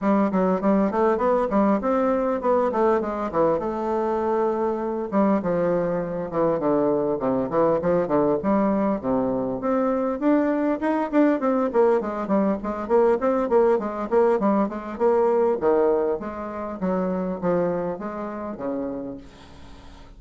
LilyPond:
\new Staff \with { instrumentName = "bassoon" } { \time 4/4 \tempo 4 = 100 g8 fis8 g8 a8 b8 g8 c'4 | b8 a8 gis8 e8 a2~ | a8 g8 f4. e8 d4 | c8 e8 f8 d8 g4 c4 |
c'4 d'4 dis'8 d'8 c'8 ais8 | gis8 g8 gis8 ais8 c'8 ais8 gis8 ais8 | g8 gis8 ais4 dis4 gis4 | fis4 f4 gis4 cis4 | }